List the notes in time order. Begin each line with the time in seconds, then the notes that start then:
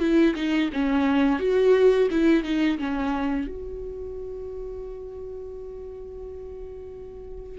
0.00 E4
0.36 D#4
0.73 C#4
1.39 F#4
2.11 E4
2.44 D#4
2.79 C#4
3.48 F#4